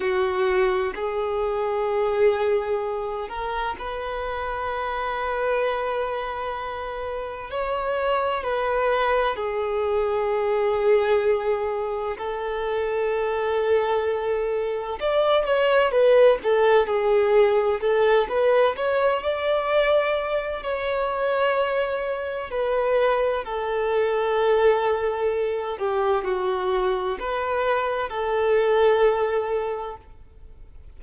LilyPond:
\new Staff \with { instrumentName = "violin" } { \time 4/4 \tempo 4 = 64 fis'4 gis'2~ gis'8 ais'8 | b'1 | cis''4 b'4 gis'2~ | gis'4 a'2. |
d''8 cis''8 b'8 a'8 gis'4 a'8 b'8 | cis''8 d''4. cis''2 | b'4 a'2~ a'8 g'8 | fis'4 b'4 a'2 | }